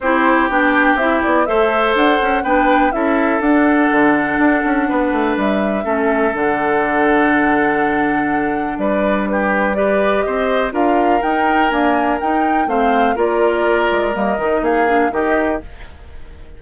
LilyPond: <<
  \new Staff \with { instrumentName = "flute" } { \time 4/4 \tempo 4 = 123 c''4 g''4 e''8 d''8 e''4 | fis''4 g''4 e''4 fis''4~ | fis''2. e''4~ | e''4 fis''2.~ |
fis''2 d''4 b'4 | d''4 dis''4 f''4 g''4 | gis''4 g''4 f''4 d''4~ | d''4 dis''4 f''4 dis''4 | }
  \new Staff \with { instrumentName = "oboe" } { \time 4/4 g'2. c''4~ | c''4 b'4 a'2~ | a'2 b'2 | a'1~ |
a'2 b'4 g'4 | b'4 c''4 ais'2~ | ais'2 c''4 ais'4~ | ais'2 gis'4 g'4 | }
  \new Staff \with { instrumentName = "clarinet" } { \time 4/4 e'4 d'4 e'4 a'4~ | a'4 d'4 e'4 d'4~ | d'1 | cis'4 d'2.~ |
d'1 | g'2 f'4 dis'4 | ais4 dis'4 c'4 f'4~ | f'4 ais8 dis'4 d'8 dis'4 | }
  \new Staff \with { instrumentName = "bassoon" } { \time 4/4 c'4 b4 c'8 b8 a4 | d'8 cis'8 b4 cis'4 d'4 | d4 d'8 cis'8 b8 a8 g4 | a4 d2.~ |
d2 g2~ | g4 c'4 d'4 dis'4 | d'4 dis'4 a4 ais4~ | ais8 gis8 g8 dis8 ais4 dis4 | }
>>